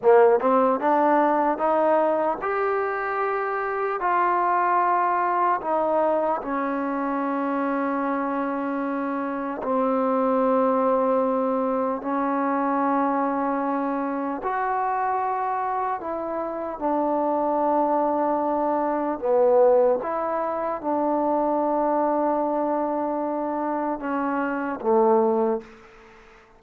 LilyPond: \new Staff \with { instrumentName = "trombone" } { \time 4/4 \tempo 4 = 75 ais8 c'8 d'4 dis'4 g'4~ | g'4 f'2 dis'4 | cis'1 | c'2. cis'4~ |
cis'2 fis'2 | e'4 d'2. | b4 e'4 d'2~ | d'2 cis'4 a4 | }